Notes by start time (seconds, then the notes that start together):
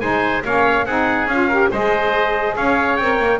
0.00 G#3 D#4 C5 G#5
0.44 A#3 C#4 C#5 F5
0.85 C4 D#4 G#4 F#5
1.26 C#4 F4 F5
1.48 G4 A#4
1.71 G#3 G#4 C5 D#5
2.55 C#4 C#5 F5
2.96 C4 A#4 G5
3.19 A#3